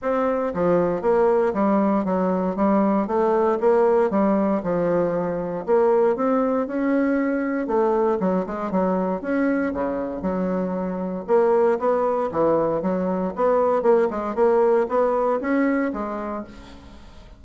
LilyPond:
\new Staff \with { instrumentName = "bassoon" } { \time 4/4 \tempo 4 = 117 c'4 f4 ais4 g4 | fis4 g4 a4 ais4 | g4 f2 ais4 | c'4 cis'2 a4 |
fis8 gis8 fis4 cis'4 cis4 | fis2 ais4 b4 | e4 fis4 b4 ais8 gis8 | ais4 b4 cis'4 gis4 | }